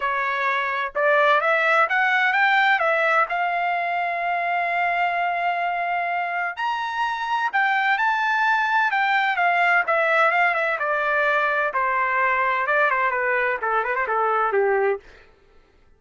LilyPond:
\new Staff \with { instrumentName = "trumpet" } { \time 4/4 \tempo 4 = 128 cis''2 d''4 e''4 | fis''4 g''4 e''4 f''4~ | f''1~ | f''2 ais''2 |
g''4 a''2 g''4 | f''4 e''4 f''8 e''8 d''4~ | d''4 c''2 d''8 c''8 | b'4 a'8 b'16 c''16 a'4 g'4 | }